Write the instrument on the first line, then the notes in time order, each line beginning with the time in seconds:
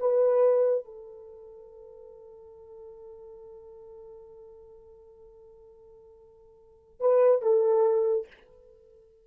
horn
0.00 B4
0.85 A4
7.00 B4
7.42 A4